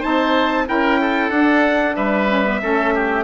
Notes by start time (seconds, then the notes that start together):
0.00 C4 D#4 C5 A5
0.67 C#4 E4 A#4 G5
1.01 A4
1.30 D4 F#5
1.96 G3 B4 E5
2.29 C#4
2.45 B3
2.62 A3 C#4 A4
2.95 G4